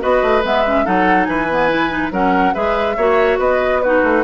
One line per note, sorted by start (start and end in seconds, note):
0.00 0.22 B3
0.00 0.42 F#4
0.00 0.85 B4
0.00 0.43 D#5
0.22 0.43 A3
0.43 0.86 G#3
0.43 0.64 B3
0.43 0.86 E5
0.66 0.85 C#4
0.85 1.27 F#3
0.85 1.48 D#4
0.85 1.27 A4
0.85 1.24 F#5
1.24 2.11 E3
1.24 2.12 B4
1.24 2.09 G#5
1.50 1.69 B3
1.69 1.89 E4
1.89 2.10 D#4
2.11 2.53 F#3
2.11 2.54 C#4
2.11 2.54 A#4
2.11 2.54 F#5
2.54 2.97 G#3
2.54 2.96 G#4
2.54 2.96 B4
2.54 3.38 E5
2.96 3.38 A#3
2.96 3.83 F#4
2.96 3.38 C#5
3.38 4.01 B3
3.38 3.81 B4
3.38 3.82 D#5
3.82 4.24 D#4
3.82 4.24 F#4
3.82 4.24 B4
4.03 4.24 A3